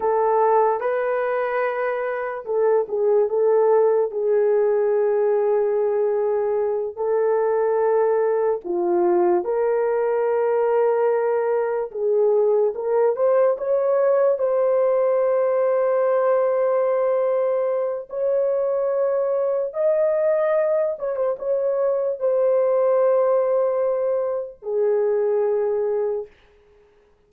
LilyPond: \new Staff \with { instrumentName = "horn" } { \time 4/4 \tempo 4 = 73 a'4 b'2 a'8 gis'8 | a'4 gis'2.~ | gis'8 a'2 f'4 ais'8~ | ais'2~ ais'8 gis'4 ais'8 |
c''8 cis''4 c''2~ c''8~ | c''2 cis''2 | dis''4. cis''16 c''16 cis''4 c''4~ | c''2 gis'2 | }